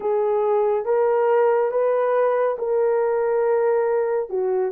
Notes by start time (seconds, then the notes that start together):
0.00 G#4
0.85 A#4
1.71 B4
2.58 A#4
4.29 F#4